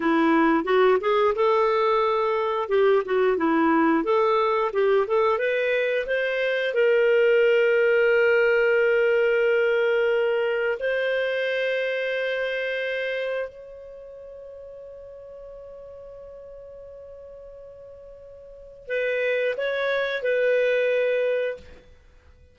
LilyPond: \new Staff \with { instrumentName = "clarinet" } { \time 4/4 \tempo 4 = 89 e'4 fis'8 gis'8 a'2 | g'8 fis'8 e'4 a'4 g'8 a'8 | b'4 c''4 ais'2~ | ais'1 |
c''1 | cis''1~ | cis''1 | b'4 cis''4 b'2 | }